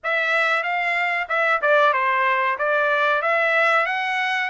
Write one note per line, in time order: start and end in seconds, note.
0.03 0.63 E5
0.63 1.27 F5
1.28 1.61 E5
1.61 1.93 D5
1.93 2.57 C5
2.58 3.22 D5
3.22 3.86 E5
3.86 4.50 F#5